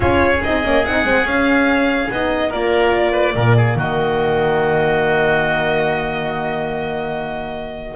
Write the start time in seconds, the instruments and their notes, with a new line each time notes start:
0.00 double bass C#4, horn F4, oboe G#4, violin C#5
0.43 double bass C4, horn D#4, violin D#5
0.63 double bass A#3, horn C#4
0.85 double bass C4, horn D#4, violin F#5
1.04 double bass G#3, horn C4
1.24 double bass C#4, horn C#4, violin F5
2.10 double bass B3, horn D#4, violin D#5
2.48 double bass A#3, horn F4, oboe A#4, violin D5
3.12 oboe B4
3.35 double bass A#2, horn A#3, oboe A#4
3.56 oboe G#4
3.76 double bass D#3, oboe F#4, violin D#5